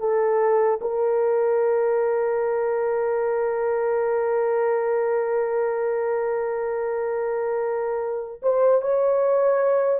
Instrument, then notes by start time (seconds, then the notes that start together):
horn
0.00 A4
0.81 A#4
8.43 C5
8.82 C#5